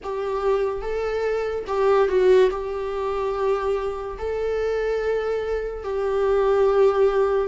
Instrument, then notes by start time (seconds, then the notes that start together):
viola
0.03 G4
0.81 A4
1.67 G4
2.08 F#4
2.50 G4
4.18 A4
5.83 G4